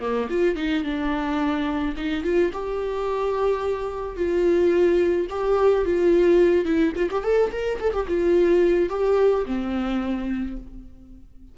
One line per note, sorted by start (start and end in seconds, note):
0.00 0.28 A#3
0.30 0.56 F4
0.56 0.84 D#4
0.84 1.95 D4
1.96 2.24 D#4
2.24 2.52 F4
2.53 4.16 G4
4.16 5.27 F4
5.30 5.85 G4
5.85 6.65 F4
6.65 6.92 E4
6.95 7.09 F4
7.11 7.23 G4
7.23 7.51 A4
7.52 7.79 A#4
7.80 7.93 A4
7.93 8.07 G4
8.08 8.89 F4
8.89 9.45 G4
9.45 10.56 C4